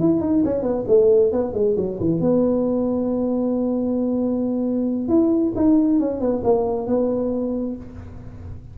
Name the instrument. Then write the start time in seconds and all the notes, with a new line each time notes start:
tuba
0.00 E4
0.21 D#4
0.45 C#4
0.63 B3
0.88 A3
1.32 B3
1.54 G#3
1.77 F#3
2.00 E3
2.21 B3
5.09 E4
5.56 D#4
6.00 C#4
6.21 B3
6.44 A#3
6.87 B3